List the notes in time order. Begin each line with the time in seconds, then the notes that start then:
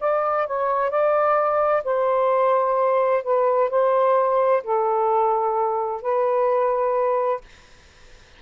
0.00 D5
0.46 C#5
0.90 D5
1.84 C5
3.23 B4
3.70 C5
4.63 A4
6.01 B4